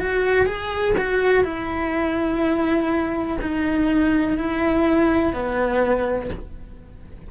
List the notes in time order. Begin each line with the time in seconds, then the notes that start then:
0.00 F#4
0.46 G#4
0.98 F#4
1.44 E4
3.42 D#4
4.38 E4
5.33 B3